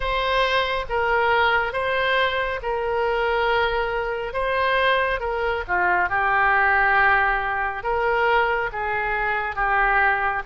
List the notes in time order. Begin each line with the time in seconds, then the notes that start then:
0.00 C5
0.89 A#4
1.72 C5
2.62 A#4
4.33 C5
5.20 A#4
5.68 F4
6.09 G4
7.83 A#4
8.72 G#4
9.55 G4